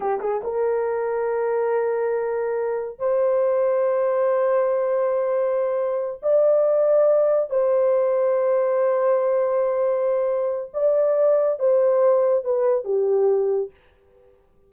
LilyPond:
\new Staff \with { instrumentName = "horn" } { \time 4/4 \tempo 4 = 140 g'8 gis'8 ais'2.~ | ais'2. c''4~ | c''1~ | c''2~ c''8 d''4.~ |
d''4. c''2~ c''8~ | c''1~ | c''4 d''2 c''4~ | c''4 b'4 g'2 | }